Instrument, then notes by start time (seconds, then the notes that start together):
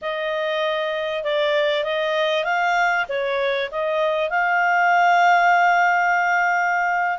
clarinet
0.01 D#5
1.23 D5
1.84 D#5
2.44 F5
3.09 C#5
3.71 D#5
4.30 F5